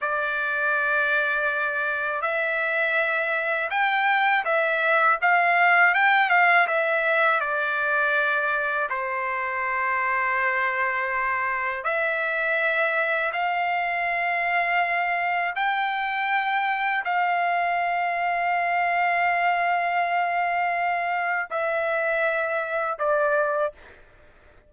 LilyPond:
\new Staff \with { instrumentName = "trumpet" } { \time 4/4 \tempo 4 = 81 d''2. e''4~ | e''4 g''4 e''4 f''4 | g''8 f''8 e''4 d''2 | c''1 |
e''2 f''2~ | f''4 g''2 f''4~ | f''1~ | f''4 e''2 d''4 | }